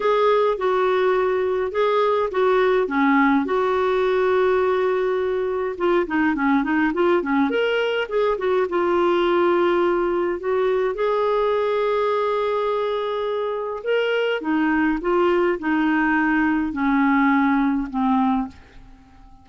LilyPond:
\new Staff \with { instrumentName = "clarinet" } { \time 4/4 \tempo 4 = 104 gis'4 fis'2 gis'4 | fis'4 cis'4 fis'2~ | fis'2 f'8 dis'8 cis'8 dis'8 | f'8 cis'8 ais'4 gis'8 fis'8 f'4~ |
f'2 fis'4 gis'4~ | gis'1 | ais'4 dis'4 f'4 dis'4~ | dis'4 cis'2 c'4 | }